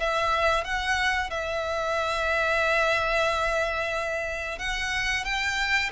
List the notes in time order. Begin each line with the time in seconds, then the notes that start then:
0.00 E5
0.64 F#5
1.30 E5
4.59 F#5
5.24 G5